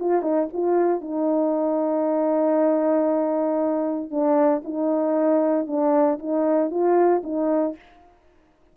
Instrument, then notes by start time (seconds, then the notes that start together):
horn
0.00 F4
0.22 D#4
0.53 F4
1.02 D#4
4.11 D4
4.65 D#4
5.67 D4
6.20 D#4
6.71 F4
7.24 D#4